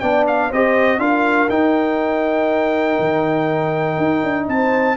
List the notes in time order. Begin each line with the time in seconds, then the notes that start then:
0.00 B3 D4 D5 G5
0.27 F5
0.49 C4 G4 C5 D#5
0.98 D4 F4 A#4 F5
1.49 D#4 G5
2.99 D#3
3.97 D#4
4.23 D4
4.48 C4 C5 A5